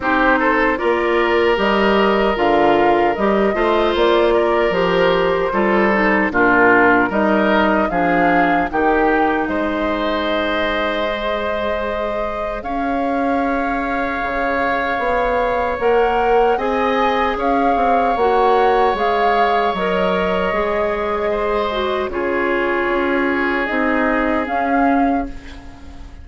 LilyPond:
<<
  \new Staff \with { instrumentName = "flute" } { \time 4/4 \tempo 4 = 76 c''4 d''4 dis''4 f''4 | dis''4 d''4 c''2 | ais'4 dis''4 f''4 g''4 | dis''1 |
f''1 | fis''4 gis''4 f''4 fis''4 | f''4 dis''2. | cis''2 dis''4 f''4 | }
  \new Staff \with { instrumentName = "oboe" } { \time 4/4 g'8 a'8 ais'2.~ | ais'8 c''4 ais'4. a'4 | f'4 ais'4 gis'4 g'4 | c''1 |
cis''1~ | cis''4 dis''4 cis''2~ | cis''2. c''4 | gis'1 | }
  \new Staff \with { instrumentName = "clarinet" } { \time 4/4 dis'4 f'4 g'4 f'4 | g'8 f'4. g'4 f'8 dis'8 | d'4 dis'4 d'4 dis'4~ | dis'2 gis'2~ |
gis'1 | ais'4 gis'2 fis'4 | gis'4 ais'4 gis'4. fis'8 | f'2 dis'4 cis'4 | }
  \new Staff \with { instrumentName = "bassoon" } { \time 4/4 c'4 ais4 g4 d4 | g8 a8 ais4 f4 g4 | ais,4 g4 f4 dis4 | gis1 |
cis'2 cis4 b4 | ais4 c'4 cis'8 c'8 ais4 | gis4 fis4 gis2 | cis4 cis'4 c'4 cis'4 | }
>>